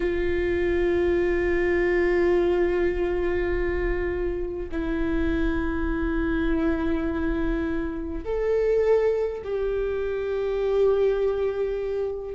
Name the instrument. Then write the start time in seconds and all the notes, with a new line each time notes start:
viola
0.00 F4
4.71 E4
8.24 A4
9.44 G4